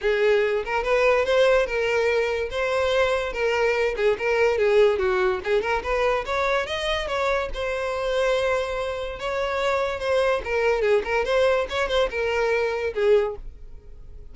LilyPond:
\new Staff \with { instrumentName = "violin" } { \time 4/4 \tempo 4 = 144 gis'4. ais'8 b'4 c''4 | ais'2 c''2 | ais'4. gis'8 ais'4 gis'4 | fis'4 gis'8 ais'8 b'4 cis''4 |
dis''4 cis''4 c''2~ | c''2 cis''2 | c''4 ais'4 gis'8 ais'8 c''4 | cis''8 c''8 ais'2 gis'4 | }